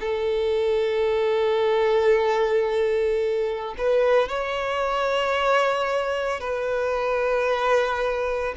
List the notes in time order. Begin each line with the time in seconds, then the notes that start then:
0.00 A4
3.78 B4
4.29 C#5
6.40 B4